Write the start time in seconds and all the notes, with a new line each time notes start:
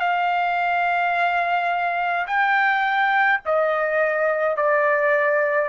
0.00 F5
2.27 G5
3.45 D#5
4.56 D5